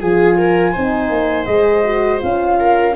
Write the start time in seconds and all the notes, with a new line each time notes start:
0.00 F3 F4 G#4 G#5
0.37 A#4
0.72 C4 D#4 C5
1.10 A#3
1.45 G#3 G#4 D#5
1.84 F#4
2.19 C#4 F4 F5
2.60 A#4